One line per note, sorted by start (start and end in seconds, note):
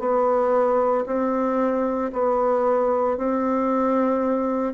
0.00 1.05 B3
1.07 2.12 C4
2.13 3.18 B3
3.18 4.74 C4